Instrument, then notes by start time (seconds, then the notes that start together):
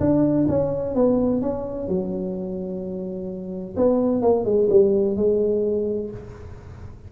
tuba
0.00 D4
0.48 C#4
0.95 B3
1.42 C#4
1.88 F#3
3.76 B3
4.22 A#3
4.45 G#3
4.70 G3
5.17 G#3